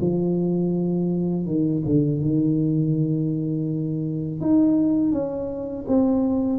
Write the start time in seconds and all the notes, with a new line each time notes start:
0.00 F3
1.45 D#3
1.86 D3
2.21 D#3
4.40 D#4
5.12 C#4
5.87 C4